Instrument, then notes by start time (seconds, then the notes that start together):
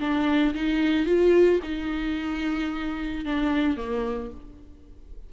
viola
0.00 D4
0.54 D#4
1.06 F4
1.63 D#4
3.25 D4
3.77 A#3